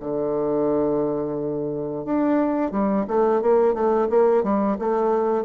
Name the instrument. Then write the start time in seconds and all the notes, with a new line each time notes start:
bassoon
0.00 D3
2.05 D4
2.71 G3
3.07 A3
3.42 A#3
3.74 A3
4.09 A#3
4.43 G3
4.79 A3